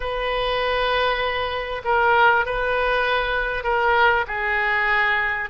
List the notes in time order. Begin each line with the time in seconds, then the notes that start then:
0.00 B4
1.84 A#4
2.45 B4
3.63 A#4
4.27 G#4